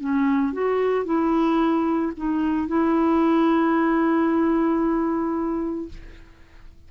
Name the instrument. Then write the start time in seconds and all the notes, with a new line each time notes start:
clarinet
0.00 C#4
0.53 F#4
1.05 E4
2.17 D#4
2.68 E4